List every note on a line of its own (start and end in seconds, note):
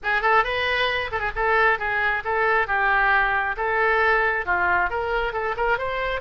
0.03 0.21 G#4
0.21 0.44 A4
0.44 1.10 B4
1.11 1.19 A4
1.19 1.31 G#4
1.35 1.78 A4
1.78 2.23 G#4
2.24 2.67 A4
2.67 3.56 G4
3.57 4.45 A4
4.45 4.90 F4
4.90 5.33 A#4
5.33 5.55 A4
5.57 5.77 A#4
5.77 6.20 C5